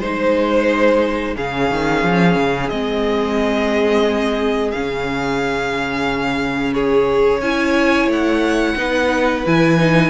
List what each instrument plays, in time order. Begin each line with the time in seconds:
0.00 cello G#3, viola D#4, violin C5
1.36 cello C#3, viola C#4, violin G#4 F5
1.70 cello D#3
2.03 cello F3
2.36 cello C#3
2.69 cello G#3, viola C4, violin D#5
4.71 cello C#3, viola C#4, violin F5
6.73 violin G#4 C#5
7.41 cello C#4, viola E4, violin G#5
8.07 cello A3, violin F#5
8.77 cello B3, viola D#4, violin B4
9.46 cello E3, viola E4, violin G#5
9.79 viola D#4